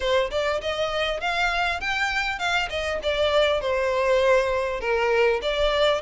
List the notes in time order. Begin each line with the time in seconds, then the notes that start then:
0.00 C5
0.31 D5
0.61 D#5
1.20 F5
1.80 G5
2.38 F5
2.69 D#5
3.02 D5
3.60 C5
4.80 A#4
5.42 D5